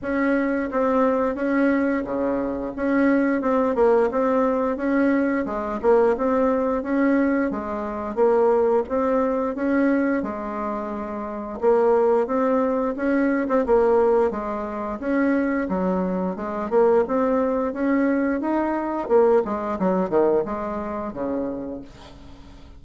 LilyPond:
\new Staff \with { instrumentName = "bassoon" } { \time 4/4 \tempo 4 = 88 cis'4 c'4 cis'4 cis4 | cis'4 c'8 ais8 c'4 cis'4 | gis8 ais8 c'4 cis'4 gis4 | ais4 c'4 cis'4 gis4~ |
gis4 ais4 c'4 cis'8. c'16 | ais4 gis4 cis'4 fis4 | gis8 ais8 c'4 cis'4 dis'4 | ais8 gis8 fis8 dis8 gis4 cis4 | }